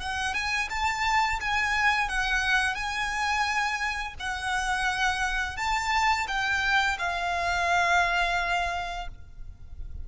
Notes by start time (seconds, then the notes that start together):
0.00 F#5
0.34 G#5
0.70 A5
1.40 G#5
2.09 F#5
2.75 G#5
4.20 F#5
5.57 A5
6.28 G5
6.99 F5